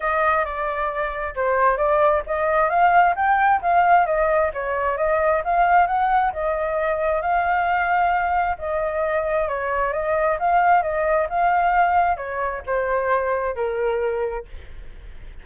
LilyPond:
\new Staff \with { instrumentName = "flute" } { \time 4/4 \tempo 4 = 133 dis''4 d''2 c''4 | d''4 dis''4 f''4 g''4 | f''4 dis''4 cis''4 dis''4 | f''4 fis''4 dis''2 |
f''2. dis''4~ | dis''4 cis''4 dis''4 f''4 | dis''4 f''2 cis''4 | c''2 ais'2 | }